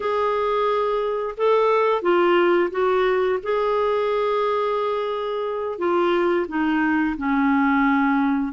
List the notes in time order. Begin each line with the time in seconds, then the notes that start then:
0.00 G#4
1.37 A4
2.01 F4
2.71 F#4
3.42 G#4
5.78 F4
6.48 D#4
7.17 C#4